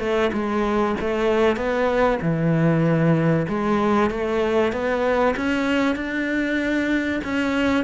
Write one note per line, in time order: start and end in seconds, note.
0.00 0.31 A3
0.33 0.96 G#3
1.01 1.57 A3
1.57 2.19 B3
2.22 3.47 E3
3.49 4.11 G#3
4.11 4.73 A3
4.73 5.35 B3
5.37 5.96 C#4
5.96 7.21 D4
7.24 7.85 C#4